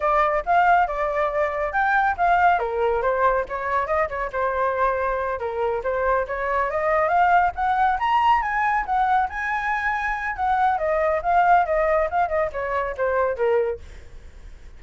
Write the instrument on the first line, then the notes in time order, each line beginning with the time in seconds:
flute
0.00 D5
0.45 F5
0.87 D5
1.72 G5
2.17 F5
2.59 A#4
3.01 C5
3.48 C#5
3.87 D#5
4.08 C#5
4.32 C5
5.39 A#4
5.83 C5
6.27 C#5
6.70 D#5
7.08 F5
7.55 F#5
7.99 A#5
8.42 G#5
8.85 F#5
9.29 G#5
10.35 F#5
10.78 D#5
11.22 F5
11.65 D#5
12.10 F5
12.28 D#5
12.52 C#5
12.97 C5
13.36 A#4